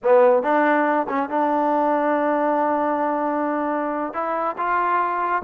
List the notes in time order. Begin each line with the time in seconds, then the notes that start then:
0.03 B3
0.42 D4
1.09 C#4
1.29 D4
4.13 E4
4.57 F4